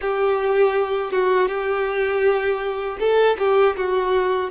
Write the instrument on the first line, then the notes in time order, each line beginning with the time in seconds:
violin
0.01 G4
1.11 F#4
1.48 G4
2.99 A4
3.38 G4
3.76 F#4